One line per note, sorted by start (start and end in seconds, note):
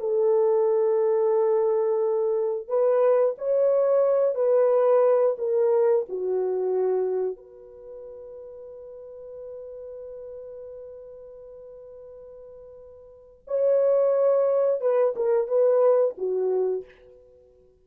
0.00 2.68 A4
2.68 3.36 B4
3.38 4.35 C#5
4.35 5.37 B4
5.38 6.06 A#4
6.09 7.37 F#4
7.37 13.44 B4
13.48 14.81 C#5
14.81 15.15 B4
15.16 15.48 A#4
15.48 16.15 B4
16.18 16.85 F#4